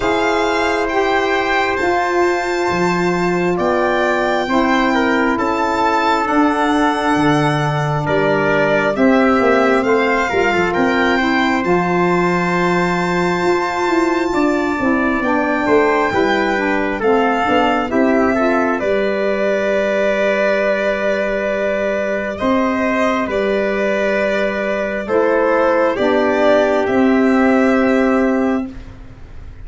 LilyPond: <<
  \new Staff \with { instrumentName = "violin" } { \time 4/4 \tempo 4 = 67 f''4 g''4 a''2 | g''2 a''4 fis''4~ | fis''4 d''4 e''4 f''4 | g''4 a''2.~ |
a''4 g''2 f''4 | e''4 d''2.~ | d''4 dis''4 d''2 | c''4 d''4 e''2 | }
  \new Staff \with { instrumentName = "trumpet" } { \time 4/4 c''1 | d''4 c''8 ais'8 a'2~ | a'4 ais'4 g'4 c''8 ais'16 a'16 | ais'8 c''2.~ c''8 |
d''4. c''8 b'4 a'4 | g'8 a'8 b'2.~ | b'4 c''4 b'2 | a'4 g'2. | }
  \new Staff \with { instrumentName = "saxophone" } { \time 4/4 gis'4 g'4 f'2~ | f'4 e'2 d'4~ | d'2 c'4. f'8~ | f'8 e'8 f'2.~ |
f'8 e'8 d'4 e'8 d'8 c'8 d'8 | e'8 f'8 g'2.~ | g'1 | e'4 d'4 c'2 | }
  \new Staff \with { instrumentName = "tuba" } { \time 4/4 e'2 f'4 f4 | b4 c'4 cis'4 d'4 | d4 g4 c'8 ais8 a8 g16 f16 | c'4 f2 f'8 e'8 |
d'8 c'8 b8 a8 g4 a8 b8 | c'4 g2.~ | g4 c'4 g2 | a4 b4 c'2 | }
>>